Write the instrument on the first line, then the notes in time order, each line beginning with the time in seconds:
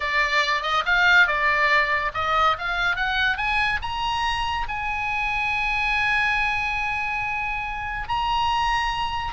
oboe
0.00 D5
0.62 D#5
0.85 F5
1.27 D5
2.14 D#5
2.58 F5
2.96 F#5
3.37 G#5
3.81 A#5
4.68 G#5
8.08 A#5